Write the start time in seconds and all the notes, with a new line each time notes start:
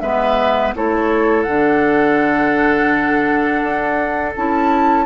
0.00 G#3 B3 B4 E5
0.75 A3 E4 A4 C#5
1.43 D3 D4 F#5
3.62 D4
4.36 C#4 E4 A5